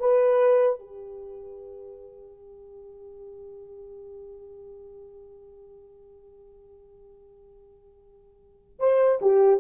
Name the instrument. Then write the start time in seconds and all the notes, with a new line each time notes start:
horn
0.00 B4
0.80 G4
8.80 C5
9.21 G4